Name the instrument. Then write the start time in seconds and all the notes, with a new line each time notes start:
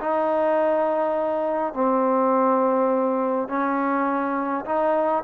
trombone
0.00 D#4
1.74 C4
3.48 C#4
4.65 D#4